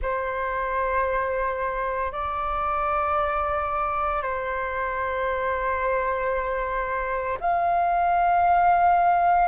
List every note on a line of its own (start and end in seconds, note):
0.01 2.11 C5
2.11 4.22 D5
4.22 7.38 C5
7.40 9.48 F5